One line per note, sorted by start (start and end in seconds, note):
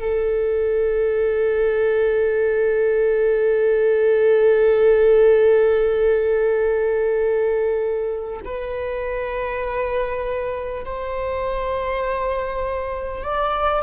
0.00 8.40 A4
8.44 10.84 B4
10.85 13.23 C5
13.23 13.83 D5